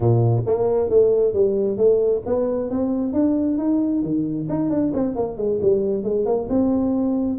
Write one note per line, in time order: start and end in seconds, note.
0.00 0.43 A#2
0.46 0.89 A#3
0.89 1.33 A3
1.33 1.77 G3
1.77 2.22 A3
2.26 2.70 B3
2.70 3.13 C4
3.13 3.57 D4
3.58 4.03 D#4
4.03 4.47 D#3
4.49 4.70 D#4
4.70 4.92 D4
4.93 5.15 C4
5.15 5.37 A#3
5.37 5.59 G#3
5.62 6.03 G3
6.03 6.25 G#3
6.25 6.48 A#3
6.49 7.38 C4